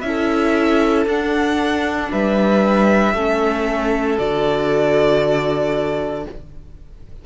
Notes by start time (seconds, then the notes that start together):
0.00 C#4 E4 E5
0.06 A4
1.05 D4 F#5
2.10 G3 B4 E5
3.13 A3 C#4 A4
4.17 D3 F#4 D5